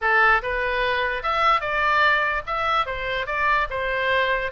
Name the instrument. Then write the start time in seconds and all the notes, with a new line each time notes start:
oboe
0.01 A4
0.42 B4
1.22 E5
1.60 D5
2.46 E5
2.86 C5
3.26 D5
3.70 C5